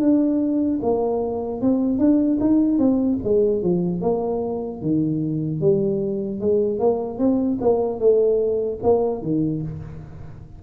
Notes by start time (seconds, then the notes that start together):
0.00 D4
0.83 A#3
1.61 C4
1.99 D4
2.41 D#4
2.79 C4
3.24 G#3
3.63 F3
4.02 A#3
4.82 D#3
5.61 G3
6.41 G#3
6.80 A#3
7.19 C4
7.61 A#3
8.00 A3
8.83 A#3
9.22 D#3